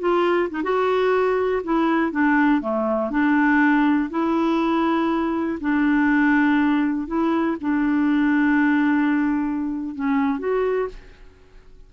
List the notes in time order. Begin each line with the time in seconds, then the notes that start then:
0.00 F4
0.50 D#4
0.63 F#4
1.64 E4
2.12 D4
2.61 A3
3.11 D4
4.10 E4
5.61 D4
7.08 E4
7.61 D4
9.96 C#4
10.39 F#4